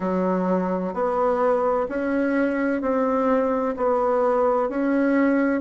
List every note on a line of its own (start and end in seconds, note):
0.00 0.93 F#3
0.93 1.87 B3
1.88 2.81 C#4
2.81 3.75 C4
3.77 4.69 B3
4.69 5.61 C#4